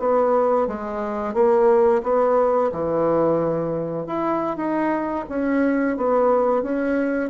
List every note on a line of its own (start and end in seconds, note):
0.00 0.68 B3
0.68 1.34 G#3
1.34 2.02 A#3
2.03 2.71 B3
2.72 4.07 E3
4.07 4.57 E4
4.57 5.25 D#4
5.30 5.98 C#4
5.98 6.63 B3
6.63 7.30 C#4